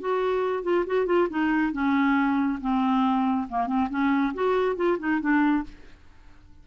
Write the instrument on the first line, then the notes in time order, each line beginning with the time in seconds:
clarinet
0.00 F#4
0.63 F4
0.87 F#4
1.06 F4
1.30 D#4
1.73 C#4
2.61 C4
3.49 A#3
3.67 C4
3.90 C#4
4.34 F#4
4.76 F4
4.99 D#4
5.20 D4